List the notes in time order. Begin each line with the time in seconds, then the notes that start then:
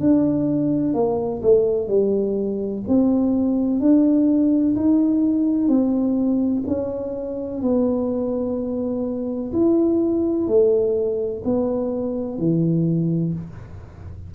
0.00 D4
0.94 A#3
1.42 A3
1.87 G3
2.88 C4
3.80 D4
4.76 D#4
5.68 C4
6.67 C#4
7.61 B3
9.52 E4
10.47 A3
11.45 B3
12.38 E3